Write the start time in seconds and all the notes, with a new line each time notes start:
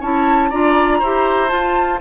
0.00 C#4 E4 C#5 A5
0.49 D4 F4 D5 A#5
0.99 E4 G4 C5
1.48 F4 A5